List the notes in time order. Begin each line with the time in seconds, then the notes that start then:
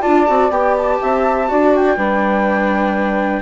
0.00 D4 F4 D5 A5
0.27 C4 F#4
0.50 B3 G4 G5
0.77 A5
1.01 C4 E5
1.48 D4 F#4 D5
1.75 G5
1.97 G3 D4 B4